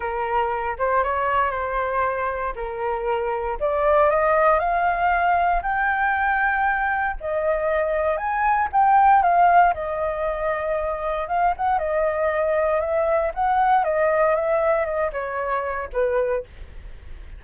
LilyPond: \new Staff \with { instrumentName = "flute" } { \time 4/4 \tempo 4 = 117 ais'4. c''8 cis''4 c''4~ | c''4 ais'2 d''4 | dis''4 f''2 g''4~ | g''2 dis''2 |
gis''4 g''4 f''4 dis''4~ | dis''2 f''8 fis''8 dis''4~ | dis''4 e''4 fis''4 dis''4 | e''4 dis''8 cis''4. b'4 | }